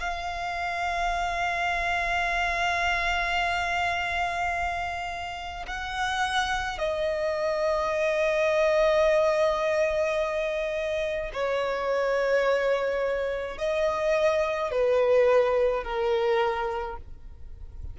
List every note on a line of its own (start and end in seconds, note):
0.00 5.66 F5
5.68 6.78 F#5
6.78 11.31 D#5
11.33 13.58 C#5
13.58 14.71 D#5
14.71 15.84 B4
15.84 16.97 A#4